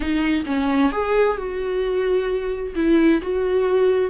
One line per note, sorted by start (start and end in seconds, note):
0.00 0.43 D#4
0.46 0.91 C#4
0.91 1.37 G#4
1.37 2.74 F#4
2.75 3.21 E4
3.22 4.10 F#4